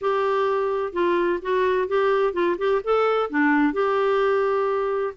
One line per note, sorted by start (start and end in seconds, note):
0.01 0.92 G4
0.92 1.39 F4
1.42 1.88 F#4
1.88 2.33 G4
2.33 2.56 F4
2.58 2.81 G4
2.84 3.30 A4
3.30 3.73 D4
3.73 5.13 G4